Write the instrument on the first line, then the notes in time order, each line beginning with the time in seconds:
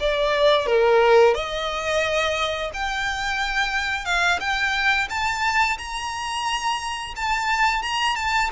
violin
0.00 D5
0.66 A#4
1.35 D#5
2.74 G5
4.05 F5
4.40 G5
5.10 A5
5.78 A#5
7.16 A5
7.83 A#5
8.16 A5